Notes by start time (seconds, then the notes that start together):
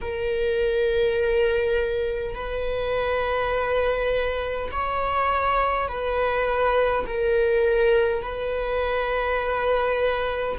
0.01 A#4
2.35 B4
4.71 C#5
5.88 B4
7.06 A#4
8.22 B4